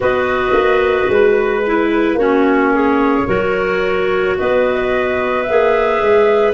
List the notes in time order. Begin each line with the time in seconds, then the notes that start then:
0.00 B3 F#4 B4 D#5
0.52 A#3
1.08 G#3 B4
1.66 E4
2.14 A#3 C#4 F#4 C#5
2.74 G#4
3.27 F#3 F#4 A#4
4.37 B3 B4 D#5
5.43 A#3 G#4 E5
6.00 G#3